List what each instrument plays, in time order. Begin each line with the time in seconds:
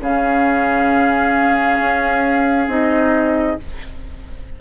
0.00 bassoon C#3, clarinet C#4, oboe G#4, flute F5
1.80 bassoon C#4
2.67 bassoon C4, clarinet D#4, flute D#5